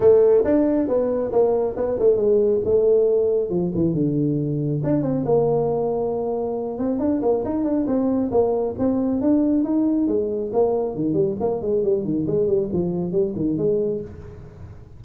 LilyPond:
\new Staff \with { instrumentName = "tuba" } { \time 4/4 \tempo 4 = 137 a4 d'4 b4 ais4 | b8 a8 gis4 a2 | f8 e8 d2 d'8 c'8 | ais2.~ ais8 c'8 |
d'8 ais8 dis'8 d'8 c'4 ais4 | c'4 d'4 dis'4 gis4 | ais4 dis8 g8 ais8 gis8 g8 dis8 | gis8 g8 f4 g8 dis8 gis4 | }